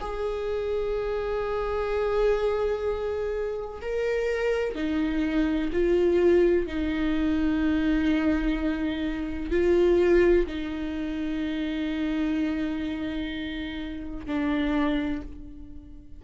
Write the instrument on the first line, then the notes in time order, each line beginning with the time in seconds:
viola
0.00 G#4
3.81 A#4
4.75 D#4
5.72 F4
6.67 D#4
9.51 F4
10.46 D#4
14.26 D4